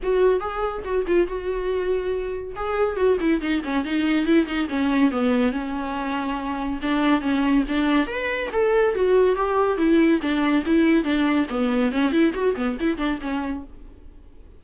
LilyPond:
\new Staff \with { instrumentName = "viola" } { \time 4/4 \tempo 4 = 141 fis'4 gis'4 fis'8 f'8 fis'4~ | fis'2 gis'4 fis'8 e'8 | dis'8 cis'8 dis'4 e'8 dis'8 cis'4 | b4 cis'2. |
d'4 cis'4 d'4 b'4 | a'4 fis'4 g'4 e'4 | d'4 e'4 d'4 b4 | cis'8 e'8 fis'8 b8 e'8 d'8 cis'4 | }